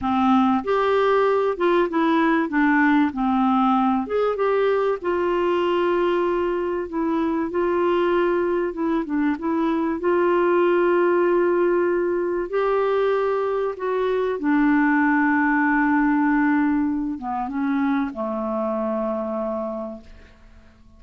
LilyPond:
\new Staff \with { instrumentName = "clarinet" } { \time 4/4 \tempo 4 = 96 c'4 g'4. f'8 e'4 | d'4 c'4. gis'8 g'4 | f'2. e'4 | f'2 e'8 d'8 e'4 |
f'1 | g'2 fis'4 d'4~ | d'2.~ d'8 b8 | cis'4 a2. | }